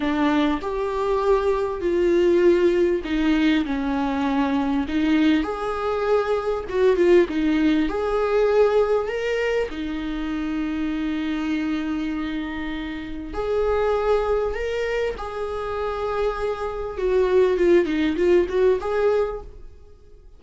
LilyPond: \new Staff \with { instrumentName = "viola" } { \time 4/4 \tempo 4 = 99 d'4 g'2 f'4~ | f'4 dis'4 cis'2 | dis'4 gis'2 fis'8 f'8 | dis'4 gis'2 ais'4 |
dis'1~ | dis'2 gis'2 | ais'4 gis'2. | fis'4 f'8 dis'8 f'8 fis'8 gis'4 | }